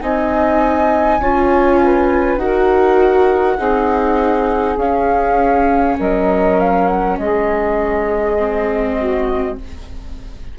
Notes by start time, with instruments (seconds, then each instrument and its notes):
0.00 bassoon C4, viola D#4, saxophone D#5, flute G#5
1.20 bassoon C#4, viola F4, saxophone C#5
1.83 saxophone B4
2.37 bassoon D#4, viola F#4, saxophone A#4, flute F#5
3.56 bassoon C4, viola D#4, saxophone G#4
4.77 bassoon C#4, viola C#4, flute F5
5.99 bassoon F#3, saxophone A#4, flute D#5
6.60 flute F5
6.88 flute F#5
7.18 bassoon G#3, saxophone G#4, flute D#5
8.37 viola C4
8.99 saxophone F#4